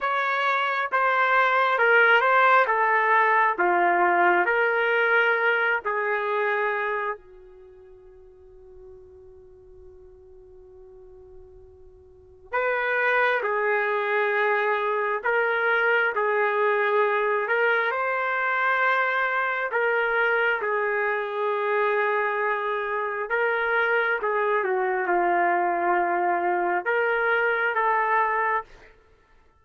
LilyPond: \new Staff \with { instrumentName = "trumpet" } { \time 4/4 \tempo 4 = 67 cis''4 c''4 ais'8 c''8 a'4 | f'4 ais'4. gis'4. | fis'1~ | fis'2 b'4 gis'4~ |
gis'4 ais'4 gis'4. ais'8 | c''2 ais'4 gis'4~ | gis'2 ais'4 gis'8 fis'8 | f'2 ais'4 a'4 | }